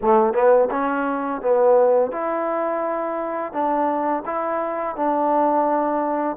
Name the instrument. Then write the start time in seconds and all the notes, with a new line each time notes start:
trombone
0.01 A3
0.33 B3
0.71 C#4
1.41 B3
2.11 E4
3.52 D4
4.25 E4
4.96 D4